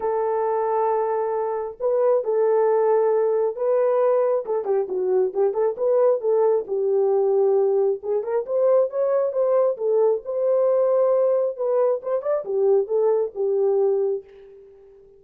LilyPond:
\new Staff \with { instrumentName = "horn" } { \time 4/4 \tempo 4 = 135 a'1 | b'4 a'2. | b'2 a'8 g'8 fis'4 | g'8 a'8 b'4 a'4 g'4~ |
g'2 gis'8 ais'8 c''4 | cis''4 c''4 a'4 c''4~ | c''2 b'4 c''8 d''8 | g'4 a'4 g'2 | }